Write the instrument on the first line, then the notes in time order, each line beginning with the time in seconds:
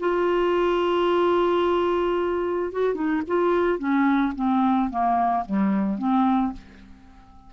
clarinet
0.00 F4
2.73 F#4
2.95 D#4
3.28 F4
3.79 C#4
4.36 C4
4.90 A#3
5.46 G3
5.99 C4